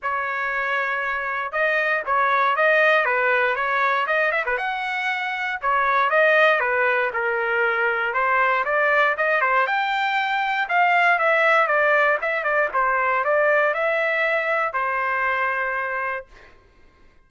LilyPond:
\new Staff \with { instrumentName = "trumpet" } { \time 4/4 \tempo 4 = 118 cis''2. dis''4 | cis''4 dis''4 b'4 cis''4 | dis''8 e''16 b'16 fis''2 cis''4 | dis''4 b'4 ais'2 |
c''4 d''4 dis''8 c''8 g''4~ | g''4 f''4 e''4 d''4 | e''8 d''8 c''4 d''4 e''4~ | e''4 c''2. | }